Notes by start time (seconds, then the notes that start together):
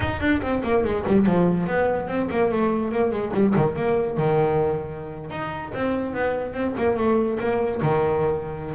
0.00 D#4
0.20 D4
0.41 C4
0.63 A#3
0.84 G#3
1.06 G3
1.26 F3
1.66 B3
2.07 C4
2.30 A#3
2.51 A3
2.91 A#3
3.11 G#3
3.33 G3
3.55 D#3
3.75 A#3
4.17 D#3
5.30 D#4
5.73 C4
6.14 B3
6.53 C4
6.77 A#3
6.96 A3
7.39 A#3
7.82 D#3